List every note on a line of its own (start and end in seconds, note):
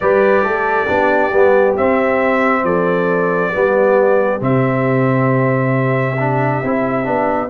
0.00 0.43 G3
0.00 0.87 G4
0.00 0.44 B4
0.00 1.74 D5
0.43 0.87 A3
0.43 0.85 A4
0.85 1.33 B3
0.85 1.31 D4
0.85 2.61 G4
1.33 1.77 G3
1.33 1.77 B3
1.76 3.53 C4
1.76 2.63 C4
1.76 2.65 E5
2.63 3.51 F3
2.63 3.52 A4
2.63 4.41 D5
3.52 4.41 G3
3.52 4.40 B3
3.52 7.49 G4
4.40 6.61 C3
4.40 6.17 C4
4.40 7.49 E5
6.19 6.63 D4
6.63 7.07 C4
6.63 7.04 E4
7.04 7.49 B3
7.04 7.48 D4